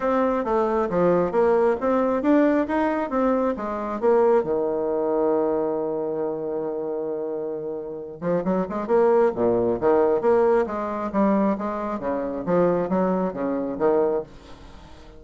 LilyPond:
\new Staff \with { instrumentName = "bassoon" } { \time 4/4 \tempo 4 = 135 c'4 a4 f4 ais4 | c'4 d'4 dis'4 c'4 | gis4 ais4 dis2~ | dis1~ |
dis2~ dis8 f8 fis8 gis8 | ais4 ais,4 dis4 ais4 | gis4 g4 gis4 cis4 | f4 fis4 cis4 dis4 | }